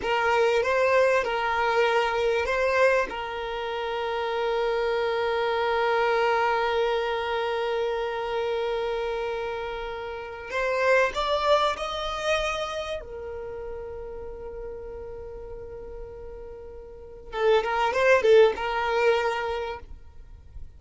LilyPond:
\new Staff \with { instrumentName = "violin" } { \time 4/4 \tempo 4 = 97 ais'4 c''4 ais'2 | c''4 ais'2.~ | ais'1~ | ais'1~ |
ais'4 c''4 d''4 dis''4~ | dis''4 ais'2.~ | ais'1 | a'8 ais'8 c''8 a'8 ais'2 | }